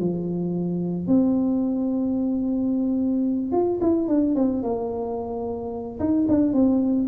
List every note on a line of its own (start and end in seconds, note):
0.00 1.08 F3
1.08 3.53 C4
3.53 3.80 F4
3.82 4.08 E4
4.08 4.36 D4
4.36 4.63 C4
4.63 6.00 A#3
6.00 6.27 D#4
6.29 6.54 D4
6.54 7.08 C4